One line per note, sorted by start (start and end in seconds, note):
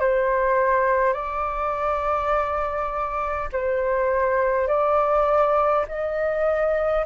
0.00 1.13 C5
1.13 3.49 D5
3.52 4.68 C5
4.68 5.86 D5
5.88 7.06 D#5